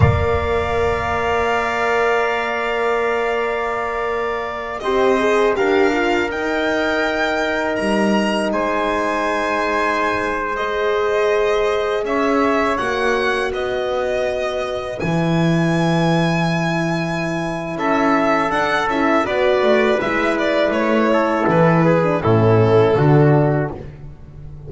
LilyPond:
<<
  \new Staff \with { instrumentName = "violin" } { \time 4/4 \tempo 4 = 81 f''1~ | f''2~ f''8 dis''4 f''8~ | f''8 g''2 ais''4 gis''8~ | gis''2~ gis''16 dis''4.~ dis''16~ |
dis''16 e''4 fis''4 dis''4.~ dis''16~ | dis''16 gis''2.~ gis''8. | e''4 fis''8 e''8 d''4 e''8 d''8 | cis''4 b'4 a'2 | }
  \new Staff \with { instrumentName = "trumpet" } { \time 4/4 d''1~ | d''2~ d''8 c''4 ais'8~ | ais'2.~ ais'8 c''8~ | c''1~ |
c''16 cis''2 b'4.~ b'16~ | b'1 | a'2 b'2~ | b'8 a'4 gis'8 e'4 fis'4 | }
  \new Staff \with { instrumentName = "horn" } { \time 4/4 ais'1~ | ais'2~ ais'8 g'8 gis'8 g'8 | f'8 dis'2.~ dis'8~ | dis'2~ dis'16 gis'4.~ gis'16~ |
gis'4~ gis'16 fis'2~ fis'8.~ | fis'16 e'2.~ e'8.~ | e'4 d'8 e'8 fis'4 e'4~ | e'4.~ e'16 d'16 cis'4 d'4 | }
  \new Staff \with { instrumentName = "double bass" } { \time 4/4 ais1~ | ais2~ ais8 c'4 d'8~ | d'8 dis'2 g4 gis8~ | gis1~ |
gis16 cis'4 ais4 b4.~ b16~ | b16 e2.~ e8. | cis'4 d'8 cis'8 b8 a8 gis4 | a4 e4 a,4 d4 | }
>>